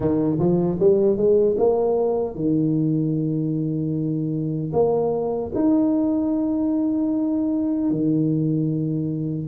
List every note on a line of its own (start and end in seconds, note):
0.00 0.38 D#3
0.39 0.78 F3
0.79 1.16 G3
1.16 1.56 G#3
1.57 2.35 A#3
2.35 4.72 D#3
4.72 5.51 A#3
5.54 7.90 D#4
7.90 9.47 D#3